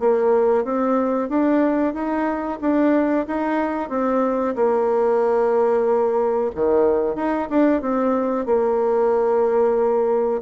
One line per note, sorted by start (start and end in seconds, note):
0.00 0.64 A#3
0.64 1.29 C4
1.29 1.94 D4
1.94 2.59 D#4
2.61 3.26 D4
3.27 3.90 D#4
3.90 4.55 C4
4.56 6.51 A#3
6.55 7.16 D#3
7.16 7.48 D#4
7.50 7.82 D4
7.82 8.46 C4
8.46 10.42 A#3